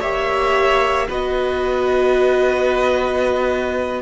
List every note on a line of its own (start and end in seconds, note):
0.00 1.08 A#3
0.00 1.09 G4
0.00 1.07 C#5
0.00 1.08 E5
1.08 4.02 B3
1.08 4.02 F#4
1.08 4.02 B4
1.08 4.02 D#5